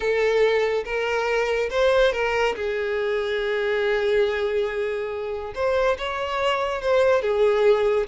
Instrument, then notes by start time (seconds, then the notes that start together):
violin
0.00 A4
0.84 A#4
1.69 C5
2.12 A#4
2.55 G#4
5.54 C5
5.98 C#5
6.81 C5
7.21 G#4